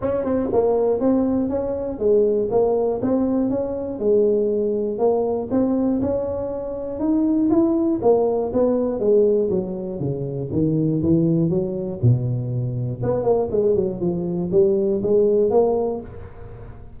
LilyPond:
\new Staff \with { instrumentName = "tuba" } { \time 4/4 \tempo 4 = 120 cis'8 c'8 ais4 c'4 cis'4 | gis4 ais4 c'4 cis'4 | gis2 ais4 c'4 | cis'2 dis'4 e'4 |
ais4 b4 gis4 fis4 | cis4 dis4 e4 fis4 | b,2 b8 ais8 gis8 fis8 | f4 g4 gis4 ais4 | }